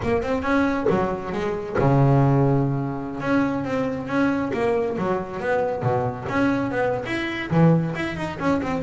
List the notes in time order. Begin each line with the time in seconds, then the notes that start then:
0.02 A#3
0.22 C4
0.42 C#4
0.89 F#3
1.32 G#3
1.78 C#3
3.20 C#4
3.64 C4
4.07 C#4
4.53 A#3
4.97 F#3
5.40 B3
5.82 B2
6.28 C#4
6.71 B3
7.06 E4
7.50 E3
7.95 E4
8.16 D#4
8.39 C#4
8.62 C4